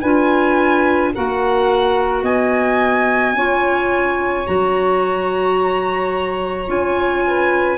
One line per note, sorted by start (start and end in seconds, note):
0.00 1.13 D4
0.00 1.14 F4
0.00 1.11 B4
0.00 1.12 G#5
1.13 2.22 A#3
1.13 3.36 F#4
1.13 2.23 A#4
1.13 2.25 F#5
2.22 3.33 B3
2.22 3.34 D#5
2.22 4.47 G#5
3.33 4.44 C#4
3.33 4.46 F4
3.33 7.24 C#5
4.46 6.68 F#3
4.46 6.67 F#4
4.46 6.69 A#5
6.67 7.78 C#4
6.67 7.78 F4
6.67 7.78 G#5
7.26 7.78 B4